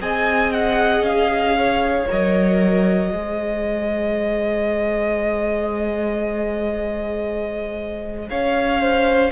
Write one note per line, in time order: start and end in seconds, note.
0.00 1.02 C4
0.00 2.07 G#4
0.00 1.57 D#5
0.00 0.53 G#5
0.53 1.05 F#5
1.02 2.05 C#4
1.02 2.08 F5
1.58 3.13 C#5
2.08 3.13 F#3
2.08 3.12 A#4
2.08 8.29 D#5
3.12 8.30 G#3
3.12 9.32 G#4
3.12 8.30 C5
8.29 9.32 C#4
8.29 8.81 C#5
8.29 9.32 F5
8.81 9.32 C5